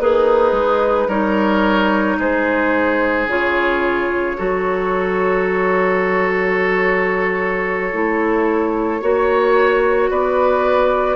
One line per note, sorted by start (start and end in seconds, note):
0.00 0.52 A#3
0.00 1.08 D#4
0.00 1.09 G#4
0.00 1.09 B4
0.52 1.06 G#3
1.08 2.17 G3
1.08 3.28 D#4
1.08 2.17 A#4
1.08 2.19 C#5
2.19 3.27 G#3
2.19 4.37 G#4
2.19 3.29 C5
3.27 4.36 C#3
3.27 4.37 F4
3.27 10.10 C#5
4.37 7.93 F#3
4.37 7.92 F#4
4.37 9.01 A4
7.92 9.02 A3
7.92 9.02 E4
9.02 10.10 A#3
9.02 11.16 F#4
9.02 10.10 C#5
10.10 11.16 B3
10.10 11.16 B4
10.10 11.16 D5